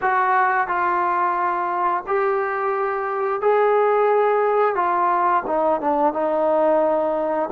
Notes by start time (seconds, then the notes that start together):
0.01 F#4
0.67 F4
2.06 G4
3.41 G#4
4.75 F4
5.46 D#4
5.80 D4
6.13 D#4